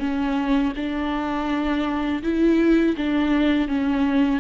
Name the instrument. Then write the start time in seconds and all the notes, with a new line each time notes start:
viola
0.00 C#4
0.76 D4
2.23 E4
2.98 D4
3.69 C#4